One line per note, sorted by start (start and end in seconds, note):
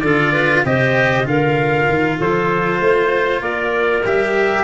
0.00 0.63 D3
0.00 0.65 F4
0.00 0.32 A4
0.00 0.62 D5
0.32 0.63 B4
0.64 1.25 C3
0.64 1.23 G4
0.64 1.28 C5
0.64 1.27 D#5
1.23 1.86 D3
1.23 4.01 F4
1.23 2.18 A#4
1.23 2.20 F5
1.88 2.19 D#3
2.18 2.80 F3
2.18 2.80 A4
2.18 3.42 C5
2.80 3.40 A3
2.80 3.41 C5
3.40 4.02 A#3
3.40 4.64 A#4
3.40 4.04 D5
4.04 4.64 G3
4.04 4.64 G4
4.04 4.64 E5